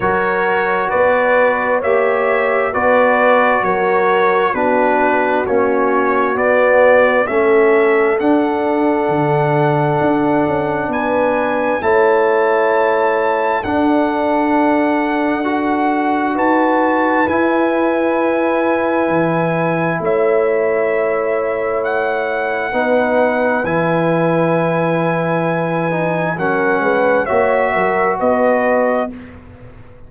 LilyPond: <<
  \new Staff \with { instrumentName = "trumpet" } { \time 4/4 \tempo 4 = 66 cis''4 d''4 e''4 d''4 | cis''4 b'4 cis''4 d''4 | e''4 fis''2. | gis''4 a''2 fis''4~ |
fis''2 a''4 gis''4~ | gis''2 e''2 | fis''2 gis''2~ | gis''4 fis''4 e''4 dis''4 | }
  \new Staff \with { instrumentName = "horn" } { \time 4/4 ais'4 b'4 cis''4 b'4 | ais'4 fis'2. | a'1 | b'4 cis''2 a'4~ |
a'2 b'2~ | b'2 cis''2~ | cis''4 b'2.~ | b'4 ais'8 b'8 cis''8 ais'8 b'4 | }
  \new Staff \with { instrumentName = "trombone" } { \time 4/4 fis'2 g'4 fis'4~ | fis'4 d'4 cis'4 b4 | cis'4 d'2.~ | d'4 e'2 d'4~ |
d'4 fis'2 e'4~ | e'1~ | e'4 dis'4 e'2~ | e'8 dis'8 cis'4 fis'2 | }
  \new Staff \with { instrumentName = "tuba" } { \time 4/4 fis4 b4 ais4 b4 | fis4 b4 ais4 b4 | a4 d'4 d4 d'8 cis'8 | b4 a2 d'4~ |
d'2 dis'4 e'4~ | e'4 e4 a2~ | a4 b4 e2~ | e4 fis8 gis8 ais8 fis8 b4 | }
>>